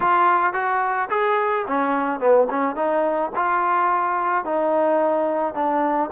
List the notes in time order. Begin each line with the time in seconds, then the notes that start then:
0.00 F4
0.53 F#4
1.10 G#4
1.67 C#4
2.19 B3
2.50 C#4
2.75 D#4
3.35 F4
4.44 D#4
5.54 D4